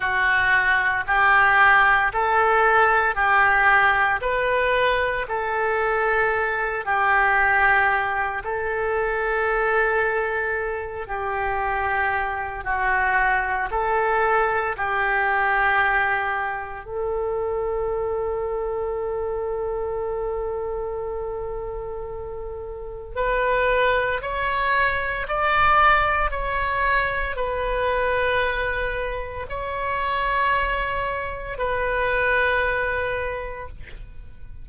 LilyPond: \new Staff \with { instrumentName = "oboe" } { \time 4/4 \tempo 4 = 57 fis'4 g'4 a'4 g'4 | b'4 a'4. g'4. | a'2~ a'8 g'4. | fis'4 a'4 g'2 |
a'1~ | a'2 b'4 cis''4 | d''4 cis''4 b'2 | cis''2 b'2 | }